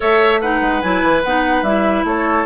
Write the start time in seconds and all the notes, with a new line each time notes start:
0.00 A3 A4 C#5 E5
0.41 D#4 B4 F#5
0.61 G#3
0.81 F#3 E4 G#5
1.02 E3
1.23 B3 D#4 F#5
1.62 G3 E4 E5
2.04 A3 A4 C#5